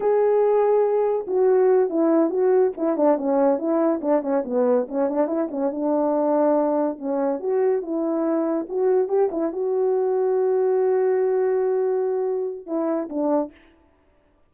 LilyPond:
\new Staff \with { instrumentName = "horn" } { \time 4/4 \tempo 4 = 142 gis'2. fis'4~ | fis'8 e'4 fis'4 e'8 d'8 cis'8~ | cis'8 e'4 d'8 cis'8 b4 cis'8 | d'8 e'8 cis'8 d'2~ d'8~ |
d'8 cis'4 fis'4 e'4.~ | e'8 fis'4 g'8 e'8 fis'4.~ | fis'1~ | fis'2 e'4 d'4 | }